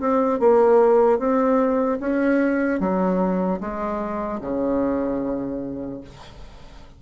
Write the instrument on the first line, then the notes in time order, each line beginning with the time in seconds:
bassoon
0.00 C4
0.40 A#3
1.19 C4
2.00 C#4
2.80 F#3
3.60 G#3
4.41 C#3